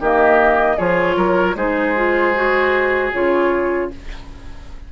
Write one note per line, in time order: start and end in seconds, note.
0.00 0.78 D#3
0.00 0.78 A#3
0.00 0.77 G4
0.00 0.79 D#5
0.77 1.16 F3
0.77 1.56 F4
0.77 1.16 G#4
0.77 1.56 C#5
1.16 1.55 F#3
1.16 1.56 A#4
1.55 3.11 G#3
1.55 1.95 D#4
1.55 3.90 G#4
1.55 3.13 C5
1.95 2.34 F4
2.35 3.13 F#4
3.13 3.92 C#3
3.13 3.91 F4
3.13 3.91 C#5